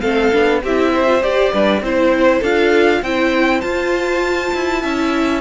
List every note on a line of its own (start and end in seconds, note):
0.00 0.33 A3
0.00 0.32 C4
0.00 0.61 A4
0.00 0.60 F5
0.32 0.63 B3
0.32 0.62 D4
0.63 1.23 C4
0.63 1.06 E4
0.63 0.93 G4
0.63 1.23 E5
0.93 1.52 C5
1.06 1.22 F4
1.22 1.52 G4
1.22 1.53 G4
1.22 1.82 D5
1.52 1.80 G3
1.52 1.83 D4
1.52 1.82 B4
1.80 2.41 C4
1.80 2.43 E4
1.80 2.39 C5
1.80 2.43 C5
2.39 3.01 D4
2.39 3.04 F4
2.39 2.99 A4
2.39 3.02 F5
3.02 3.62 C4
3.02 3.63 E4
3.02 4.82 C5
3.02 3.60 G5
3.60 4.52 F4
3.60 4.82 F4
3.60 5.40 A5
4.54 4.83 E4
4.82 5.41 C#4
4.82 5.41 E4
4.82 5.41 E5